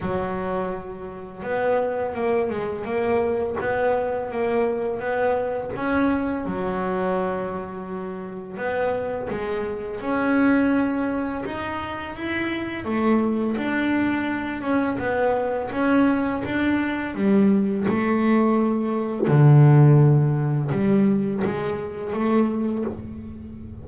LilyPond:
\new Staff \with { instrumentName = "double bass" } { \time 4/4 \tempo 4 = 84 fis2 b4 ais8 gis8 | ais4 b4 ais4 b4 | cis'4 fis2. | b4 gis4 cis'2 |
dis'4 e'4 a4 d'4~ | d'8 cis'8 b4 cis'4 d'4 | g4 a2 d4~ | d4 g4 gis4 a4 | }